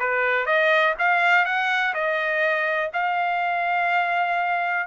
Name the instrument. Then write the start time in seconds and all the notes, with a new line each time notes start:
trumpet
0.00 B4
0.46 D#5
0.99 F5
1.46 F#5
1.94 D#5
2.93 F5